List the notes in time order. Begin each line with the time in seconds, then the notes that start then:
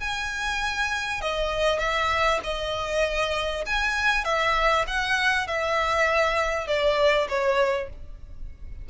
0.00 G#5
1.21 D#5
1.79 E5
2.44 D#5
3.66 G#5
4.24 E5
4.87 F#5
5.47 E5
6.67 D5
7.28 C#5